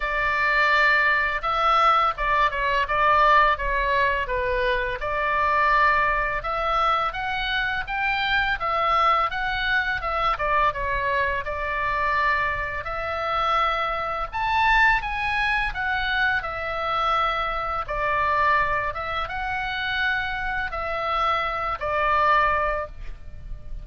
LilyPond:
\new Staff \with { instrumentName = "oboe" } { \time 4/4 \tempo 4 = 84 d''2 e''4 d''8 cis''8 | d''4 cis''4 b'4 d''4~ | d''4 e''4 fis''4 g''4 | e''4 fis''4 e''8 d''8 cis''4 |
d''2 e''2 | a''4 gis''4 fis''4 e''4~ | e''4 d''4. e''8 fis''4~ | fis''4 e''4. d''4. | }